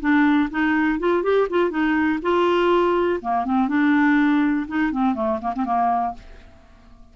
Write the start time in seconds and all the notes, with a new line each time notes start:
0.00 D4
0.50 D#4
0.99 F4
1.23 G4
1.50 F4
1.70 D#4
2.22 F4
3.21 A#3
3.45 C4
3.68 D4
4.67 D#4
4.91 C4
5.14 A3
5.41 A#3
5.55 C4
5.64 A#3